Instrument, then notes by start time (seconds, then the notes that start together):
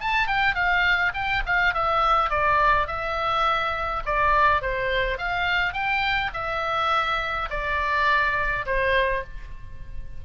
oboe
0.00 A5
0.27 G5
0.55 F5
1.14 G5
1.46 F5
1.74 E5
2.30 D5
2.87 E5
4.05 D5
4.61 C5
5.18 F5
5.73 G5
6.34 E5
7.50 D5
8.66 C5